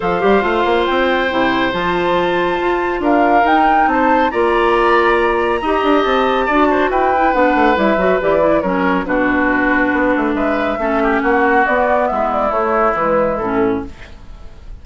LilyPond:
<<
  \new Staff \with { instrumentName = "flute" } { \time 4/4 \tempo 4 = 139 f''2 g''2 | a''2. f''4 | g''4 a''4 ais''2~ | ais''2 a''2 |
g''4 fis''4 e''4 d''4 | cis''4 b'2. | e''2 fis''4 d''4 | e''8 d''8 cis''4 b'4 a'4 | }
  \new Staff \with { instrumentName = "oboe" } { \time 4/4 c''1~ | c''2. ais'4~ | ais'4 c''4 d''2~ | d''4 dis''2 d''8 c''8 |
b'1 | ais'4 fis'2. | b'4 a'8 g'8 fis'2 | e'1 | }
  \new Staff \with { instrumentName = "clarinet" } { \time 4/4 a'8 g'8 f'2 e'4 | f'1 | dis'2 f'2~ | f'4 g'2 fis'4~ |
fis'8 e'8 d'4 e'8 fis'8 g'8 e'8 | cis'4 d'2.~ | d'4 cis'2 b4~ | b4 a4 gis4 cis'4 | }
  \new Staff \with { instrumentName = "bassoon" } { \time 4/4 f8 g8 a8 ais8 c'4 c4 | f2 f'4 d'4 | dis'4 c'4 ais2~ | ais4 dis'8 d'8 c'4 d'4 |
e'4 b8 a8 g8 fis8 e4 | fis4 b,2 b8 a8 | gis4 a4 ais4 b4 | gis4 a4 e4 a,4 | }
>>